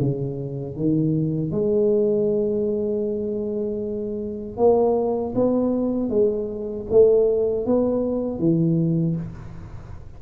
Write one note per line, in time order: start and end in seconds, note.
0.00 0.77 C#3
0.77 1.52 D#3
1.52 4.57 G#3
4.57 5.34 A#3
5.35 6.10 B3
6.10 6.87 G#3
6.91 7.66 A3
7.66 8.39 B3
8.39 9.16 E3